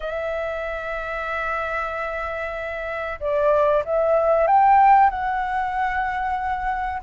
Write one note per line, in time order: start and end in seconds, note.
0.00 3.19 E5
3.19 3.83 D5
3.85 4.47 E5
4.47 5.10 G5
5.10 7.01 F#5